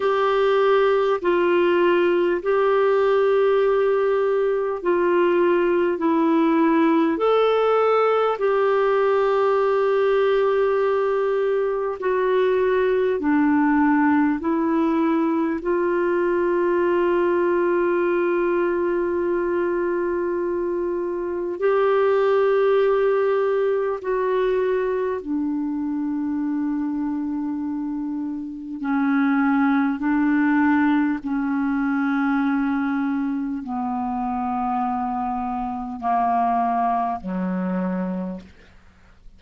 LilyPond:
\new Staff \with { instrumentName = "clarinet" } { \time 4/4 \tempo 4 = 50 g'4 f'4 g'2 | f'4 e'4 a'4 g'4~ | g'2 fis'4 d'4 | e'4 f'2.~ |
f'2 g'2 | fis'4 d'2. | cis'4 d'4 cis'2 | b2 ais4 fis4 | }